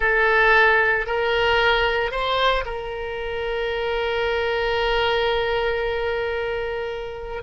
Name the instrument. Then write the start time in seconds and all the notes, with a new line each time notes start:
oboe
0.00 A4
1.06 A#4
2.11 C5
2.65 A#4